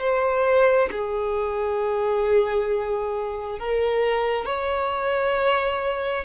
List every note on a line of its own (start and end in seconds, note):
0.00 0.90 C5
0.92 3.59 G#4
3.59 4.46 A#4
4.46 6.25 C#5